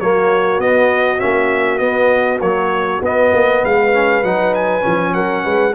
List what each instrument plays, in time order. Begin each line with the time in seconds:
0.00 tuba F#3, trombone A#3, horn F#4, trumpet C#5
0.59 tuba B3, trombone B3, trumpet D#5
1.18 tuba A#3, trombone C#4, trumpet E5
1.78 trombone B3, tuba B3, trumpet D#5
2.40 trombone F#3, tuba A#3, trumpet C#5
3.02 tuba B3, trombone B3, trumpet D#5
3.33 tuba A#3
3.61 tuba G#3, horn B4, trumpet F5
3.93 trombone C#4
4.23 tuba F#3, trombone D#4, trumpet F#5
4.54 trumpet G#5
4.81 tuba F3, trombone C#4
5.14 tuba F#3, horn A#4, trumpet F#5
5.44 tuba G#3, horn B4